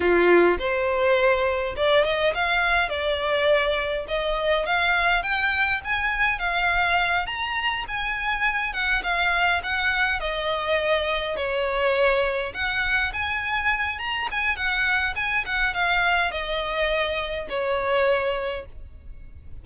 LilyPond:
\new Staff \with { instrumentName = "violin" } { \time 4/4 \tempo 4 = 103 f'4 c''2 d''8 dis''8 | f''4 d''2 dis''4 | f''4 g''4 gis''4 f''4~ | f''8 ais''4 gis''4. fis''8 f''8~ |
f''8 fis''4 dis''2 cis''8~ | cis''4. fis''4 gis''4. | ais''8 gis''8 fis''4 gis''8 fis''8 f''4 | dis''2 cis''2 | }